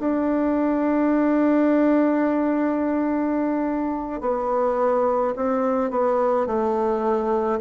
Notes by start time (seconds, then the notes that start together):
0.00 D4
4.21 B3
5.36 C4
5.91 B3
6.47 A3